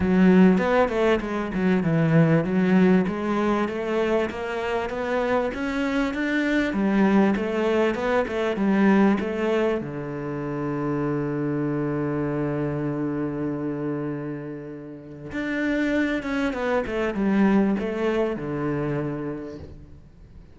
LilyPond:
\new Staff \with { instrumentName = "cello" } { \time 4/4 \tempo 4 = 98 fis4 b8 a8 gis8 fis8 e4 | fis4 gis4 a4 ais4 | b4 cis'4 d'4 g4 | a4 b8 a8 g4 a4 |
d1~ | d1~ | d4 d'4. cis'8 b8 a8 | g4 a4 d2 | }